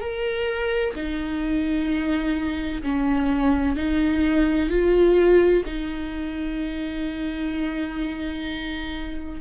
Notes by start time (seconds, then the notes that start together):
0.00 A#4
0.95 D#4
2.83 C#4
3.76 D#4
4.70 F4
5.65 D#4